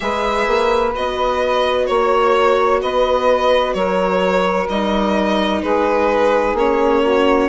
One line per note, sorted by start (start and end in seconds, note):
0.00 0.47 G#3
0.00 0.92 G#4
0.00 1.87 B4
0.00 0.92 E5
0.47 0.94 A#3
0.95 1.89 B3
0.95 4.69 F#4
0.95 1.86 D#5
1.86 2.82 A#3
1.86 2.80 C#5
1.86 2.81 C#5
2.81 3.74 B3
2.81 3.75 B4
2.81 3.73 D#5
3.73 4.68 F#3
3.73 5.62 A#4
3.73 4.67 C#5
4.69 5.62 G3
4.69 6.57 D#4
4.69 5.62 D#5
5.62 6.53 G#3
5.62 7.02 G#4
5.62 6.55 B4
6.53 7.47 A#3
6.53 7.49 C#4
6.53 7.49 C#5
7.02 7.49 F#4